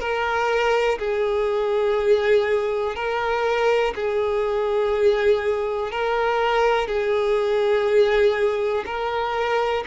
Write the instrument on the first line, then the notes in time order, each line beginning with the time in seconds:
violin
0.00 A#4
0.99 G#4
2.96 A#4
3.95 G#4
5.92 A#4
6.88 G#4
8.86 A#4